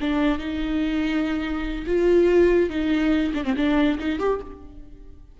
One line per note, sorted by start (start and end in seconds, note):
0.00 0.38 D4
0.38 1.85 D#4
1.86 2.69 F4
2.69 3.32 D#4
3.34 3.44 D4
3.44 3.54 C4
3.56 3.98 D4
3.99 4.19 D#4
4.19 4.40 G4